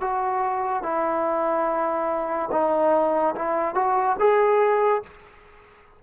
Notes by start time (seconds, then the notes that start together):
0.00 F#4
0.83 E4
2.51 D#4
3.35 E4
3.75 F#4
4.19 G#4